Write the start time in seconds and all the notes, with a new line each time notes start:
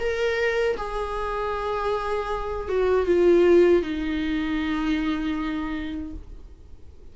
0.00 A#4
0.77 G#4
2.69 F#4
3.06 F4
3.83 D#4